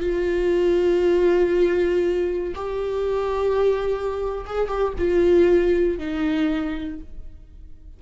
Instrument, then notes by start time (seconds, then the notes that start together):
viola
0.00 F4
2.55 G4
4.46 G#4
4.68 G4
4.98 F4
5.98 D#4